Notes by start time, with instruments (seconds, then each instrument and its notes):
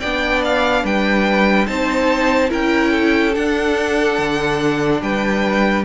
0.00 cello B3, viola D4, violin D5 G5
0.44 violin F5
0.84 cello G3, violin B4 G5
1.67 cello C4, viola D#4, violin C5 A5
2.49 cello C#4, viola E4, violin A#4 G5
2.91 violin A4
3.35 viola D4, cello D4, violin F#5
4.18 cello D3
5.01 cello G3, violin B4 G5